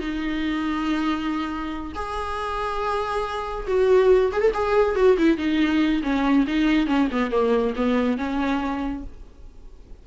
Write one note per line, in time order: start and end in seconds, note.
0.00 1.93 D#4
1.95 3.67 G#4
3.68 4.32 F#4
4.32 4.41 G#4
4.41 4.52 A4
4.54 4.96 G#4
4.96 5.17 F#4
5.18 5.38 E4
5.38 6.02 D#4
6.03 6.46 C#4
6.47 6.87 D#4
6.87 7.09 C#4
7.12 7.31 B3
7.31 7.74 A#3
7.76 8.18 B3
8.18 9.03 C#4